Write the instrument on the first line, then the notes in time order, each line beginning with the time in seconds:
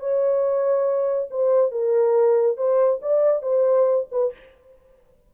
horn
0.00 C#5
1.31 C5
1.72 A#4
2.57 C5
3.02 D5
3.43 C5
4.12 B4